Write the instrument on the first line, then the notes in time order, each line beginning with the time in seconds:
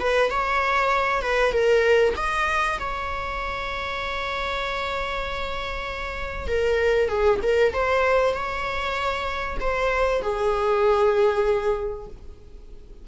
viola
0.00 B4
0.30 C#5
1.22 B4
1.52 A#4
2.17 D#5
2.79 C#5
6.48 A#4
7.09 G#4
7.43 A#4
7.73 C5
8.34 C#5
9.60 C5
10.22 G#4